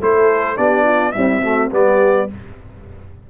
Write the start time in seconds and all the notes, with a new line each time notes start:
0.00 A3 E4 A4 C5
0.57 B3 D4 G4 D5
0.84 F4
1.12 G3 C4 E4 E5
1.42 A3 F#4
1.71 G3 B3 G4 D5